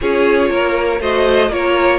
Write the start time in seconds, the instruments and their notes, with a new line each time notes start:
0.01 cello C#4, viola F4, violin G#4 C#5
0.49 cello A#3, violin A#4
0.99 cello A3, viola F#4, violin C5 D#5
1.49 cello A#3, viola F4, violin A#4 C#5